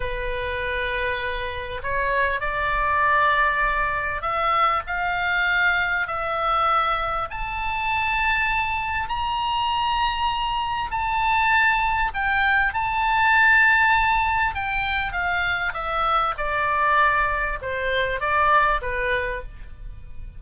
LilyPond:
\new Staff \with { instrumentName = "oboe" } { \time 4/4 \tempo 4 = 99 b'2. cis''4 | d''2. e''4 | f''2 e''2 | a''2. ais''4~ |
ais''2 a''2 | g''4 a''2. | g''4 f''4 e''4 d''4~ | d''4 c''4 d''4 b'4 | }